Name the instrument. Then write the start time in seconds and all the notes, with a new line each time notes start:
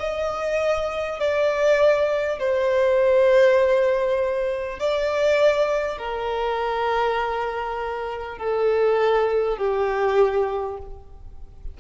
violin
0.00 D#5
1.20 D5
2.40 C5
4.79 D5
5.99 A#4
8.39 A4
9.58 G4